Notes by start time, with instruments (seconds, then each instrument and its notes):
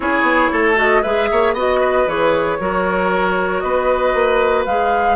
0.00 bassoon C#4, clarinet E4, oboe G#4, flute C#5
0.22 bassoon B3
0.51 bassoon A3, oboe A4
0.75 clarinet F#4, flute D#5
1.02 bassoon G#3, clarinet G#4, oboe B4, flute E5
1.31 bassoon A#3, oboe C#5
1.53 bassoon B3, clarinet F#4, oboe D#5, flute D#5
1.80 oboe B4
2.06 bassoon E3, clarinet G#4, flute C#5
2.59 bassoon F#3, clarinet F#4, oboe A#4
3.59 bassoon B3, oboe B4, flute D#5
4.14 bassoon A#3
4.65 bassoon G#3, clarinet G#4, flute F5